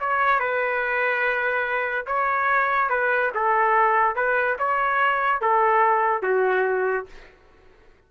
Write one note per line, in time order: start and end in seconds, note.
0.00 0.39 C#5
0.39 2.06 B4
2.06 2.90 C#5
2.90 3.31 B4
3.34 4.16 A4
4.16 4.57 B4
4.59 5.41 C#5
5.41 6.23 A4
6.23 7.06 F#4